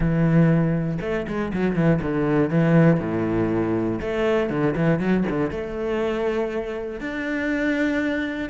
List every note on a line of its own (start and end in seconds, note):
0.00 0.98 E3
1.01 1.26 A3
1.27 1.52 G#3
1.53 1.75 F#3
1.75 2.00 E3
2.02 2.50 D3
2.50 3.00 E3
3.00 4.00 A2
4.00 4.49 A3
4.49 4.74 D3
4.76 4.99 E3
4.99 5.24 F#3
5.29 5.50 D3
5.50 7.00 A3
7.00 8.49 D4